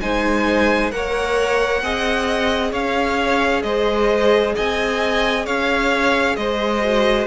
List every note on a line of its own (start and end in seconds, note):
0.00 0.91 G#3
0.00 0.91 D#4
0.00 0.93 C5
0.00 0.91 G#5
0.91 1.82 A#3
0.91 1.82 A#4
0.91 1.83 C#5
0.91 2.73 F#5
1.82 2.72 C4
1.82 6.81 G#4
1.82 2.71 D#5
2.71 3.63 C#4
2.71 3.62 C#5
2.71 3.62 F5
3.62 4.54 G#3
3.62 4.54 C5
3.62 4.53 D#5
4.54 5.46 C4
4.54 5.45 D#5
4.54 5.46 G#5
5.45 6.37 C#4
5.45 6.36 C#5
5.45 6.36 F5
6.36 7.27 G#3
6.36 7.27 C5
6.36 7.27 D#5
6.81 7.27 F#4